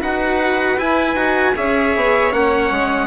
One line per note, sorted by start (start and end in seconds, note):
0.00 0.78 D#4
0.00 0.77 F#4
0.00 1.54 B4
0.00 0.78 F#5
0.78 1.14 E4
0.78 1.15 E4
0.78 1.55 G#5
1.14 1.53 D#4
1.14 1.54 F#4
1.55 1.95 C#4
1.55 2.31 G#4
1.55 3.06 C#5
1.55 2.32 E5
1.95 2.32 B3
2.31 2.70 A#3
2.31 3.06 C#4
2.31 3.06 F#5
2.70 3.06 G#3